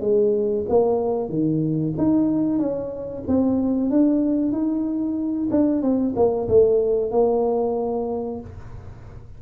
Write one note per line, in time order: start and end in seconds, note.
0.00 0.65 G#3
0.68 1.29 A#3
1.29 1.93 D#3
1.97 2.58 D#4
2.58 3.23 C#4
3.27 3.89 C4
3.89 4.52 D4
4.52 5.48 D#4
5.50 5.82 D4
5.82 6.14 C4
6.16 6.48 A#3
6.48 7.11 A3
7.11 8.40 A#3